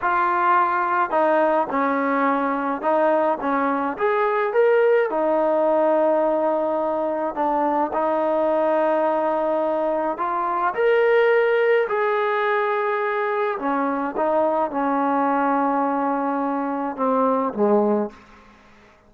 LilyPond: \new Staff \with { instrumentName = "trombone" } { \time 4/4 \tempo 4 = 106 f'2 dis'4 cis'4~ | cis'4 dis'4 cis'4 gis'4 | ais'4 dis'2.~ | dis'4 d'4 dis'2~ |
dis'2 f'4 ais'4~ | ais'4 gis'2. | cis'4 dis'4 cis'2~ | cis'2 c'4 gis4 | }